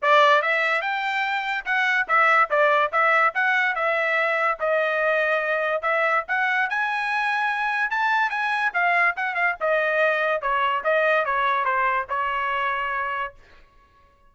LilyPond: \new Staff \with { instrumentName = "trumpet" } { \time 4/4 \tempo 4 = 144 d''4 e''4 g''2 | fis''4 e''4 d''4 e''4 | fis''4 e''2 dis''4~ | dis''2 e''4 fis''4 |
gis''2. a''4 | gis''4 f''4 fis''8 f''8 dis''4~ | dis''4 cis''4 dis''4 cis''4 | c''4 cis''2. | }